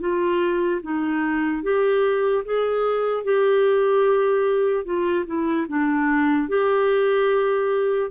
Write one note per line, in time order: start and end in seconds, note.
0.00 0.81 F4
0.82 1.63 D#4
1.63 2.44 G4
2.45 3.24 G#4
3.24 4.85 G4
4.85 5.25 F4
5.26 5.66 E4
5.68 6.49 D4
6.49 8.11 G4